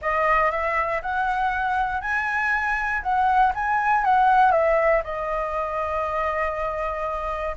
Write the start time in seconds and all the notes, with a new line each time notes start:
0.01 D#5
0.51 E5
1.02 F#5
2.01 G#5
3.02 F#5
3.54 G#5
4.04 F#5
4.51 E5
5.04 D#5